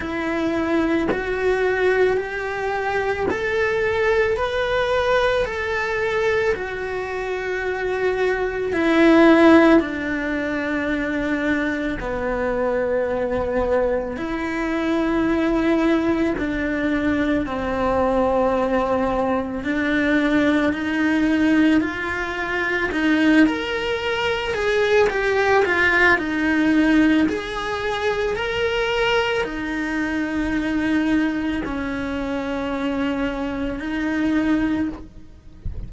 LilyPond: \new Staff \with { instrumentName = "cello" } { \time 4/4 \tempo 4 = 55 e'4 fis'4 g'4 a'4 | b'4 a'4 fis'2 | e'4 d'2 b4~ | b4 e'2 d'4 |
c'2 d'4 dis'4 | f'4 dis'8 ais'4 gis'8 g'8 f'8 | dis'4 gis'4 ais'4 dis'4~ | dis'4 cis'2 dis'4 | }